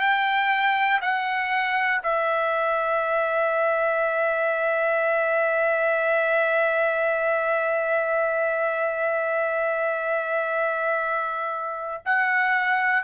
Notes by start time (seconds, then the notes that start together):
0.00 G5
1.01 F#5
2.03 E5
12.05 F#5